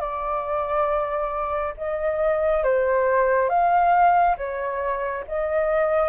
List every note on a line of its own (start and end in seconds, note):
0.00 1.74 D5
1.77 2.63 D#5
2.63 3.49 C5
3.49 4.36 F5
4.37 5.24 C#5
5.27 6.09 D#5